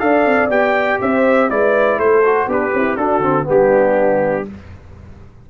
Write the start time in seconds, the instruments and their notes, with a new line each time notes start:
0.00 tuba D4, trombone A4, horn D5, trumpet F5
0.26 tuba C4
0.50 tuba B3, trombone G4, trumpet G5
1.02 tuba C4, horn C5, trumpet E5
1.49 tuba G#3, trombone E4, horn B4, trumpet D5
1.98 tuba A3, horn A4, trumpet C5
2.25 trombone F#4
2.47 tuba B3, horn D4, trombone G4, trumpet B4
2.74 tuba C4, horn E4
2.97 tuba D4, trombone D4, horn F#4, trumpet A4
3.19 tuba D3, trombone C4
3.44 tuba G3, trombone B3
3.50 horn D4, trumpet G4